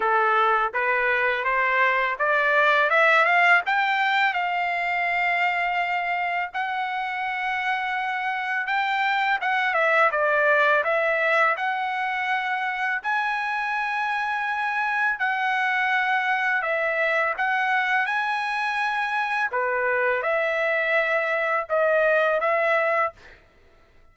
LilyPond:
\new Staff \with { instrumentName = "trumpet" } { \time 4/4 \tempo 4 = 83 a'4 b'4 c''4 d''4 | e''8 f''8 g''4 f''2~ | f''4 fis''2. | g''4 fis''8 e''8 d''4 e''4 |
fis''2 gis''2~ | gis''4 fis''2 e''4 | fis''4 gis''2 b'4 | e''2 dis''4 e''4 | }